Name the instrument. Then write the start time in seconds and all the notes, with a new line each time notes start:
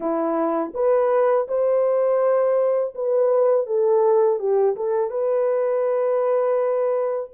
horn
0.00 E4
0.74 B4
1.47 C5
2.95 B4
3.66 A4
4.39 G4
4.76 A4
5.10 B4